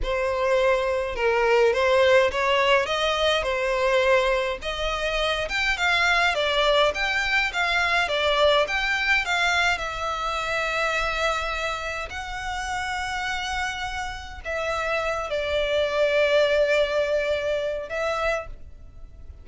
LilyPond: \new Staff \with { instrumentName = "violin" } { \time 4/4 \tempo 4 = 104 c''2 ais'4 c''4 | cis''4 dis''4 c''2 | dis''4. g''8 f''4 d''4 | g''4 f''4 d''4 g''4 |
f''4 e''2.~ | e''4 fis''2.~ | fis''4 e''4. d''4.~ | d''2. e''4 | }